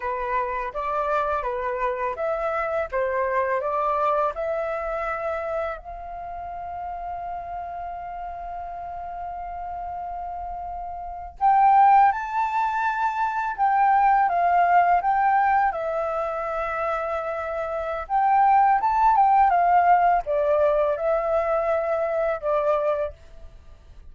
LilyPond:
\new Staff \with { instrumentName = "flute" } { \time 4/4 \tempo 4 = 83 b'4 d''4 b'4 e''4 | c''4 d''4 e''2 | f''1~ | f''2.~ f''8. g''16~ |
g''8. a''2 g''4 f''16~ | f''8. g''4 e''2~ e''16~ | e''4 g''4 a''8 g''8 f''4 | d''4 e''2 d''4 | }